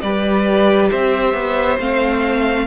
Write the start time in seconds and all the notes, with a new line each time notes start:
0.00 G3 G4 B4 D5
0.89 C4 C5 E5
1.33 B3
1.79 A3 C4 F5